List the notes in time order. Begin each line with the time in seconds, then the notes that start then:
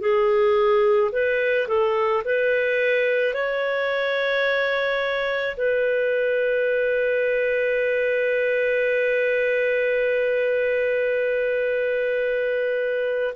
0.00 G#4
1.12 B4
1.67 A4
2.24 B4
3.33 C#5
5.56 B4